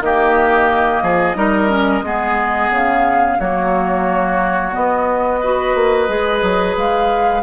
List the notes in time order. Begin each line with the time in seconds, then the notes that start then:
0.00 D#3 A#3 G4 D#5
1.02 F3 G#4
1.35 G3 D#4 A#4
1.68 C#4
2.01 G#3 B3 G#4
2.70 C#3 F5
3.38 F#3 A#3 F#4 C#5
4.72 B3 D#5
5.40 F#4 B4
5.74 A#3
6.08 G#3 G#4
6.42 F#3
6.76 G#3 F5